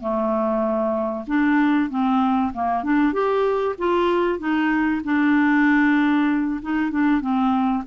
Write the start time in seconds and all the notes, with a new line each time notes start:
0.00 A3
1.27 D4
1.90 C4
2.53 A#3
2.83 D4
3.13 G4
3.78 F4
4.39 D#4
5.04 D4
6.62 D#4
6.91 D4
7.21 C4